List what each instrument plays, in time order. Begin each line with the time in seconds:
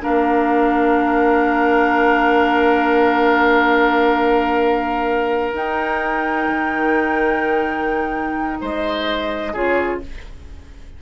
0.00 clarinet D4, oboe A#4, flute F5
0.07 bassoon A#3
5.53 bassoon D#4, clarinet D#4, flute G5
6.47 bassoon D#3
8.61 bassoon G#3, oboe C5, flute D#5
9.53 bassoon C#3, clarinet F4, oboe G#4, flute C#5